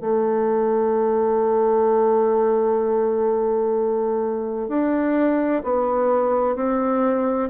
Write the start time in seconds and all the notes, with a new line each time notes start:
0.00 A3
4.68 D4
5.64 B3
6.55 C4